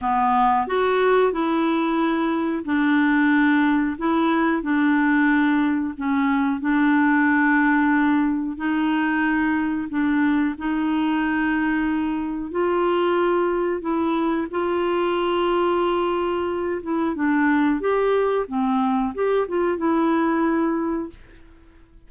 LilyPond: \new Staff \with { instrumentName = "clarinet" } { \time 4/4 \tempo 4 = 91 b4 fis'4 e'2 | d'2 e'4 d'4~ | d'4 cis'4 d'2~ | d'4 dis'2 d'4 |
dis'2. f'4~ | f'4 e'4 f'2~ | f'4. e'8 d'4 g'4 | c'4 g'8 f'8 e'2 | }